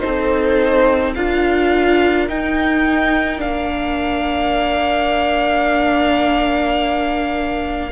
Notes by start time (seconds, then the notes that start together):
0.00 C4 D#4 A4 C5
1.15 D4 F4 A#4 F5
2.29 D#4 G5
3.38 A#3 D4 F5